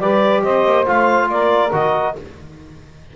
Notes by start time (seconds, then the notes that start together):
0.00 G3 G4 B4 D5
0.43 C4 C5 D#5
0.65 A#3
0.86 A3 F4 F5
1.29 A#3 A#4 D5
1.73 D#3 F#4 D#5